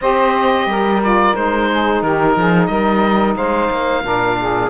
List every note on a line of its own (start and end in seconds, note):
0.01 0.65 C4
0.01 1.02 G4
0.01 0.68 C5
0.01 1.02 D#5
0.65 1.32 G3
0.65 1.70 A#4
1.02 1.34 F4
1.02 1.35 D5
1.34 2.02 G#3
1.34 4.03 D#4
1.34 2.02 C5
1.70 2.03 G#4
2.02 2.36 D#3
2.02 2.36 G4
2.02 2.66 A#4
2.36 2.68 F3
2.36 2.69 G#4
2.66 3.35 G3
2.66 3.36 A#4
2.66 3.33 D#5
3.36 3.69 G#3
3.36 4.03 C5
3.36 4.69 F5
3.70 4.04 A#3
4.03 4.69 A#2
4.03 4.69 D4
4.03 4.38 A#4
4.40 4.69 G#4